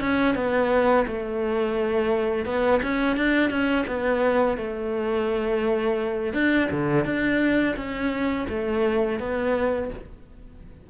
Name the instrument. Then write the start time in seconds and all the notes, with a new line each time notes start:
cello
0.00 C#4
0.35 B3
1.07 A3
2.45 B3
2.82 C#4
3.16 D4
3.50 C#4
3.87 B3
4.57 A3
6.33 D4
6.71 D3
7.05 D4
7.76 C#4
8.49 A3
9.19 B3